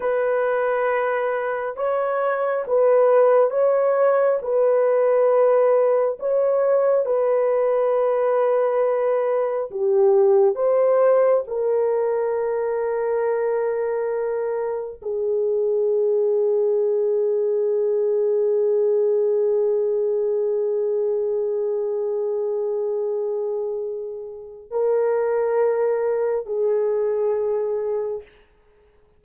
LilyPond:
\new Staff \with { instrumentName = "horn" } { \time 4/4 \tempo 4 = 68 b'2 cis''4 b'4 | cis''4 b'2 cis''4 | b'2. g'4 | c''4 ais'2.~ |
ais'4 gis'2.~ | gis'1~ | gis'1 | ais'2 gis'2 | }